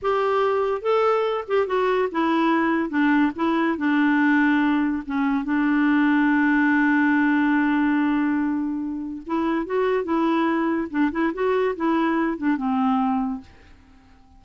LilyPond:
\new Staff \with { instrumentName = "clarinet" } { \time 4/4 \tempo 4 = 143 g'2 a'4. g'8 | fis'4 e'2 d'4 | e'4 d'2. | cis'4 d'2.~ |
d'1~ | d'2 e'4 fis'4 | e'2 d'8 e'8 fis'4 | e'4. d'8 c'2 | }